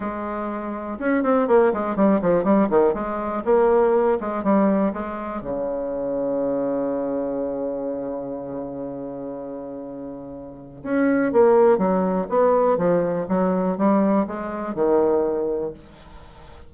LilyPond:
\new Staff \with { instrumentName = "bassoon" } { \time 4/4 \tempo 4 = 122 gis2 cis'8 c'8 ais8 gis8 | g8 f8 g8 dis8 gis4 ais4~ | ais8 gis8 g4 gis4 cis4~ | cis1~ |
cis1~ | cis2 cis'4 ais4 | fis4 b4 f4 fis4 | g4 gis4 dis2 | }